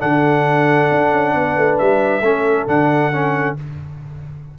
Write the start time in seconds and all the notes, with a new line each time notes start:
0.00 D3 D4 A4 F#5
0.91 D4
1.12 C#4
1.35 B3 B4
1.57 A3
1.78 G3 E5
2.21 A3 C#4 A4
2.68 D3 D4 F#5
3.12 C#4